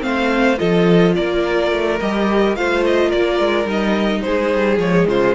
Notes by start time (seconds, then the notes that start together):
0.00 A3 C4 C5 F5
0.58 F3 F4 A4 D#5
1.16 A#3 A#4 D5
1.72 A3
2.00 G3 G4 D#5
2.56 A3 F4 C5 F5
2.86 D#5
3.09 A#3 A#4 D5
3.40 G#3
3.65 G3 D#4 D#5
4.23 G#3 G#4 C5
4.55 G3
4.78 F3 G#3 C#5
5.08 C#3 F4 C5